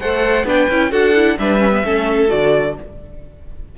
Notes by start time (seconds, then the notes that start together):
0.00 A3 A4 C5 F#5
0.45 B3 D4 B4 G5
0.69 C#4 E4
0.91 D4 F#4 A4 F#5
1.16 E4
1.39 G3 D4 B4 E5
1.60 C#4
1.71 B3
1.85 A3 C#4 A4
2.29 D3 F#4 D5